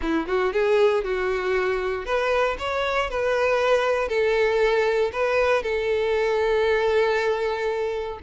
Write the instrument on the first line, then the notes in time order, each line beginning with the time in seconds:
violin
0.01 E4
0.27 F#4
0.52 G#4
1.03 F#4
2.05 B4
2.59 C#5
3.10 B4
4.08 A4
5.12 B4
5.62 A4